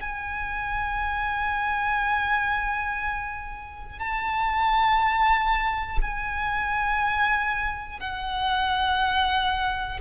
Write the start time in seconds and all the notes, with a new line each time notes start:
0.00 G#5
3.99 A5
6.01 G#5
8.00 F#5